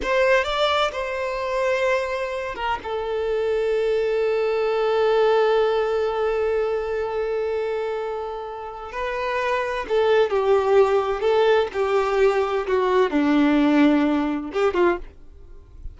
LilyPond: \new Staff \with { instrumentName = "violin" } { \time 4/4 \tempo 4 = 128 c''4 d''4 c''2~ | c''4. ais'8 a'2~ | a'1~ | a'1~ |
a'2. b'4~ | b'4 a'4 g'2 | a'4 g'2 fis'4 | d'2. g'8 f'8 | }